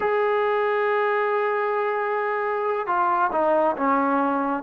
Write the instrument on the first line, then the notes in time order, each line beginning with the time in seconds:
trombone
0.00 G#4
2.86 F4
3.32 D#4
3.76 C#4